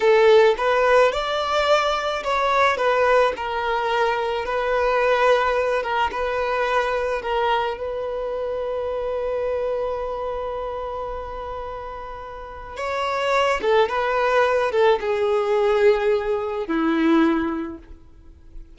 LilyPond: \new Staff \with { instrumentName = "violin" } { \time 4/4 \tempo 4 = 108 a'4 b'4 d''2 | cis''4 b'4 ais'2 | b'2~ b'8 ais'8 b'4~ | b'4 ais'4 b'2~ |
b'1~ | b'2. cis''4~ | cis''8 a'8 b'4. a'8 gis'4~ | gis'2 e'2 | }